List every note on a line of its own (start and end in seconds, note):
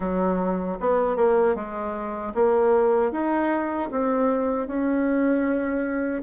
0.00 0.78 F#3
0.80 1.16 B3
1.16 1.55 A#3
1.55 2.33 G#3
2.34 3.11 A#3
3.11 3.89 D#4
3.91 4.67 C4
4.67 6.22 C#4